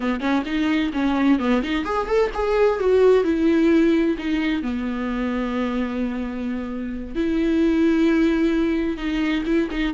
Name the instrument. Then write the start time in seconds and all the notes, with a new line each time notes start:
viola
0.00 B3
0.20 C#4
0.45 D#4
0.93 C#4
1.39 B3
1.62 D#4
1.84 G#4
2.07 A4
2.34 G#4
2.79 F#4
3.24 E4
4.17 D#4
4.62 B3
7.15 E4
8.97 D#4
9.45 E4
9.70 D#4